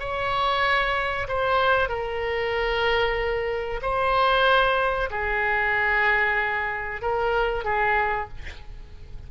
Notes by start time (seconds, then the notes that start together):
0.00 C#5
1.28 C5
1.89 A#4
3.82 C5
5.10 G#4
7.02 A#4
7.65 G#4